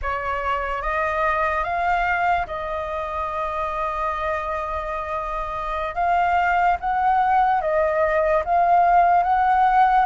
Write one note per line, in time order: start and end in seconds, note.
0.02 0.82 C#5
0.82 1.64 D#5
1.64 2.46 F5
2.46 5.94 D#5
5.94 6.77 F5
6.80 7.61 F#5
7.61 8.43 D#5
8.44 9.23 F5
9.23 10.05 F#5